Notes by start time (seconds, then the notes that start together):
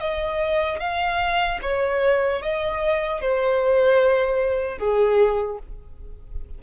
0.00 D#5
0.80 F5
1.63 C#5
2.42 D#5
3.21 C5
4.79 G#4